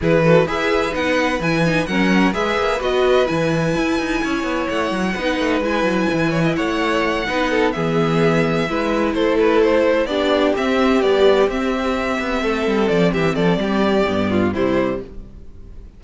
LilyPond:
<<
  \new Staff \with { instrumentName = "violin" } { \time 4/4 \tempo 4 = 128 b'4 e''4 fis''4 gis''4 | fis''4 e''4 dis''4 gis''4~ | gis''2 fis''2 | gis''2 fis''2~ |
fis''8 e''2. c''8 | b'8 c''4 d''4 e''4 d''8~ | d''8 e''2. d''8 | e''8 d''2~ d''8 c''4 | }
  \new Staff \with { instrumentName = "violin" } { \time 4/4 gis'8 a'8 b'2. | ais'4 b'2.~ | b'4 cis''2 b'4~ | b'4. cis''16 dis''16 cis''4. b'8 |
a'8 gis'2 b'4 a'8~ | a'4. g'2~ g'8~ | g'2~ g'8 a'4. | g'8 a'8 g'4. f'8 e'4 | }
  \new Staff \with { instrumentName = "viola" } { \time 4/4 e'8 fis'8 gis'4 dis'4 e'8 dis'8 | cis'4 gis'4 fis'4 e'4~ | e'2. dis'4 | e'2.~ e'8 dis'8~ |
dis'8 b2 e'4.~ | e'4. d'4 c'4 g8~ | g8 c'2.~ c'8~ | c'2 b4 g4 | }
  \new Staff \with { instrumentName = "cello" } { \time 4/4 e4 e'4 b4 e4 | fis4 gis8 ais8 b4 e4 | e'8 dis'8 cis'8 b8 a8 fis8 b8 a8 | gis8 fis8 e4 a4. b8~ |
b8 e2 gis4 a8~ | a4. b4 c'4 b8~ | b8 c'4. b8 a8 g8 f8 | e8 f8 g4 g,4 c4 | }
>>